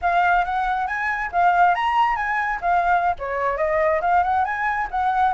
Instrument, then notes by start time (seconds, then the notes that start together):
flute
0.01 F5
0.44 F#5
0.87 G#5
1.32 F5
1.74 A#5
2.16 G#5
2.61 F5
3.19 C#5
3.57 D#5
4.01 F5
4.23 F#5
4.44 G#5
4.90 F#5